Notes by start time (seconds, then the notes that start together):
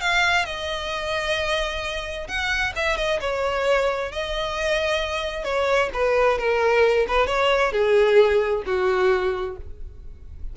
0.00 F5
0.45 D#5
2.27 F#5
2.76 E5
2.96 D#5
3.20 C#5
4.11 D#5
5.44 C#5
5.93 B4
6.38 A#4
7.07 B4
7.26 C#5
7.72 G#4
8.65 F#4